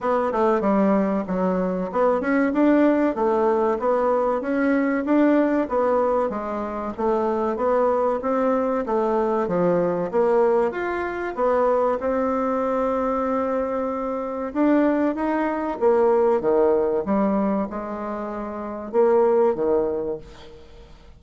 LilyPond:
\new Staff \with { instrumentName = "bassoon" } { \time 4/4 \tempo 4 = 95 b8 a8 g4 fis4 b8 cis'8 | d'4 a4 b4 cis'4 | d'4 b4 gis4 a4 | b4 c'4 a4 f4 |
ais4 f'4 b4 c'4~ | c'2. d'4 | dis'4 ais4 dis4 g4 | gis2 ais4 dis4 | }